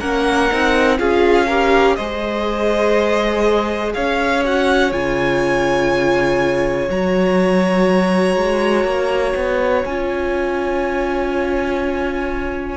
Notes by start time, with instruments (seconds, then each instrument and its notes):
0.00 cello A#3, viola C#4, violin A#4 F#5
0.51 cello C4, viola D#4
0.98 cello C#4, viola F4, violin G#4 F5
1.47 viola G4, violin A#4
1.96 cello G#3, viola G#4, violin C5 D#5
3.95 cello C#4, violin C#5 F5
4.45 viola F#4, violin F#5
4.93 cello C#3, viola F4, violin G#5
6.90 cello F#3, viola F#4, violin A#5
8.36 cello G#3
8.85 cello A#3
9.36 cello B3
9.85 cello C#4, viola F4, violin G#5